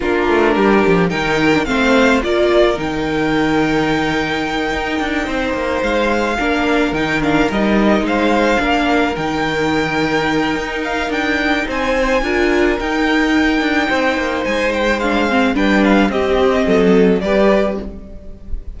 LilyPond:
<<
  \new Staff \with { instrumentName = "violin" } { \time 4/4 \tempo 4 = 108 ais'2 g''4 f''4 | d''4 g''2.~ | g''2~ g''8 f''4.~ | f''8 g''8 f''8 dis''4 f''4.~ |
f''8 g''2. f''8 | g''4 gis''2 g''4~ | g''2 gis''8 g''8 f''4 | g''8 f''8 dis''2 d''4 | }
  \new Staff \with { instrumentName = "violin" } { \time 4/4 f'4 g'4 ais'4 c''4 | ais'1~ | ais'4. c''2 ais'8~ | ais'2~ ais'8 c''4 ais'8~ |
ais'1~ | ais'4 c''4 ais'2~ | ais'4 c''2. | b'4 g'4 a'4 b'4 | }
  \new Staff \with { instrumentName = "viola" } { \time 4/4 d'2 dis'8. d'16 c'4 | f'4 dis'2.~ | dis'2.~ dis'8 d'8~ | d'8 dis'8 d'8 dis'2 d'8~ |
d'8 dis'2.~ dis'8~ | dis'2 f'4 dis'4~ | dis'2. d'8 c'8 | d'4 c'2 g'4 | }
  \new Staff \with { instrumentName = "cello" } { \time 4/4 ais8 a8 g8 f8 dis4 a4 | ais4 dis2.~ | dis8 dis'8 d'8 c'8 ais8 gis4 ais8~ | ais8 dis4 g4 gis4 ais8~ |
ais8 dis2~ dis8 dis'4 | d'4 c'4 d'4 dis'4~ | dis'8 d'8 c'8 ais8 gis2 | g4 c'4 fis4 g4 | }
>>